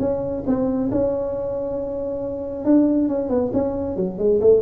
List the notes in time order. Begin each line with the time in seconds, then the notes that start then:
0.00 C#4
0.47 C4
0.92 C#4
2.65 D4
3.09 C#4
3.29 B3
3.54 C#4
3.97 F#3
4.19 G#3
4.41 A3